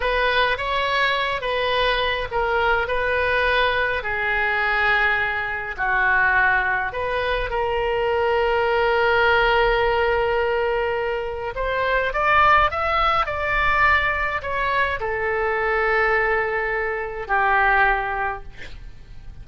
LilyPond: \new Staff \with { instrumentName = "oboe" } { \time 4/4 \tempo 4 = 104 b'4 cis''4. b'4. | ais'4 b'2 gis'4~ | gis'2 fis'2 | b'4 ais'2.~ |
ais'1 | c''4 d''4 e''4 d''4~ | d''4 cis''4 a'2~ | a'2 g'2 | }